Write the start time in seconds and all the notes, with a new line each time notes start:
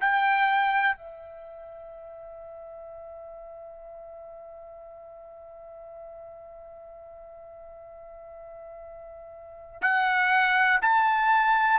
0.00 G5
0.96 E5
9.81 F#5
10.81 A5